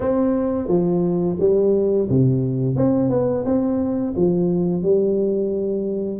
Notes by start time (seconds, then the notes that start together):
0.00 C4
0.68 F3
1.39 G3
2.09 C3
2.76 C4
3.09 B3
3.45 C4
4.16 F3
4.82 G3